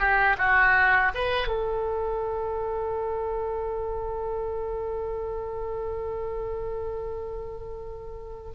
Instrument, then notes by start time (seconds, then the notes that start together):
oboe
0.00 G4
0.38 F#4
1.15 B4
1.48 A4